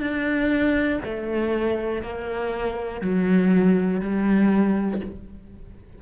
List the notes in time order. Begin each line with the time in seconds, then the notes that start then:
0.00 D4
1.05 A3
2.02 A#3
3.01 F#3
4.00 G3